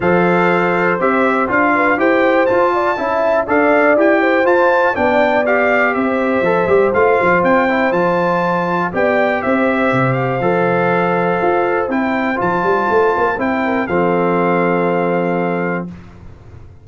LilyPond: <<
  \new Staff \with { instrumentName = "trumpet" } { \time 4/4 \tempo 4 = 121 f''2 e''4 f''4 | g''4 a''2 f''4 | g''4 a''4 g''4 f''4 | e''2 f''4 g''4 |
a''2 g''4 e''4~ | e''8 f''2.~ f''8 | g''4 a''2 g''4 | f''1 | }
  \new Staff \with { instrumentName = "horn" } { \time 4/4 c''2.~ c''8 b'8 | c''4. d''8 e''4 d''4~ | d''8 c''4. d''2 | c''1~ |
c''2 d''4 c''4~ | c''1~ | c''2.~ c''8 ais'8 | a'1 | }
  \new Staff \with { instrumentName = "trombone" } { \time 4/4 a'2 g'4 f'4 | g'4 f'4 e'4 a'4 | g'4 f'4 d'4 g'4~ | g'4 a'8 g'8 f'4. e'8 |
f'2 g'2~ | g'4 a'2. | e'4 f'2 e'4 | c'1 | }
  \new Staff \with { instrumentName = "tuba" } { \time 4/4 f2 c'4 d'4 | e'4 f'4 cis'4 d'4 | e'4 f'4 b2 | c'4 f8 g8 a8 f8 c'4 |
f2 b4 c'4 | c4 f2 f'4 | c'4 f8 g8 a8 ais8 c'4 | f1 | }
>>